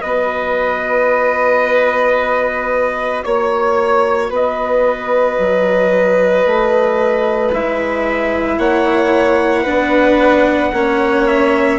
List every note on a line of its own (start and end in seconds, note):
0.00 3.24 B3
0.00 7.50 F#4
0.00 3.24 B4
0.00 3.23 D#5
3.23 4.30 A#3
3.23 4.31 C#5
3.23 4.30 C#5
4.30 5.37 B3
4.30 8.58 B4
4.30 7.54 D#5
5.39 6.45 F#3
6.45 7.52 A3
7.53 8.58 G#3
7.53 9.65 E4
7.53 8.59 E5
8.58 9.65 A#3
8.58 9.62 C#5
8.58 11.27 F#5
9.62 10.73 B3
9.62 10.72 D4
9.62 10.70 B4
10.73 11.79 A#3
10.73 11.79 C#4
10.73 11.79 C#5
11.27 11.79 E5